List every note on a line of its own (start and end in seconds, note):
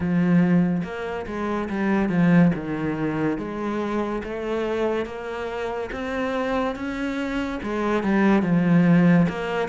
0.00 0.82 F3
0.83 1.26 A#3
1.26 1.68 G#3
1.69 2.09 G3
2.09 2.51 F3
2.55 3.38 D#3
3.38 4.22 G#3
4.23 5.05 A3
5.05 5.90 A#3
5.92 6.75 C4
6.75 7.60 C#4
7.62 8.03 G#3
8.03 8.42 G3
8.42 9.27 F3
9.28 9.68 A#3